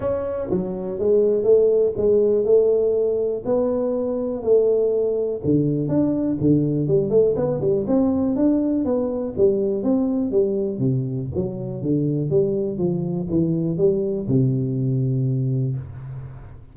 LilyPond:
\new Staff \with { instrumentName = "tuba" } { \time 4/4 \tempo 4 = 122 cis'4 fis4 gis4 a4 | gis4 a2 b4~ | b4 a2 d4 | d'4 d4 g8 a8 b8 g8 |
c'4 d'4 b4 g4 | c'4 g4 c4 fis4 | d4 g4 f4 e4 | g4 c2. | }